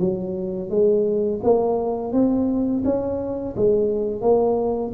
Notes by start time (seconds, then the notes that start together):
0.00 F#3
0.70 G#3
1.44 A#3
2.13 C4
2.85 C#4
3.56 G#3
4.21 A#3